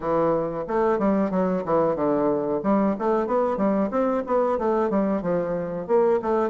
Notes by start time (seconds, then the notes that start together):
0.00 E3
0.67 A3
0.98 G3
1.30 F#3
1.65 E3
1.95 D3
2.63 G3
2.98 A3
3.26 B3
3.57 G3
3.90 C4
4.26 B3
4.58 A3
4.90 G3
5.22 F3
5.87 A#3
6.22 A3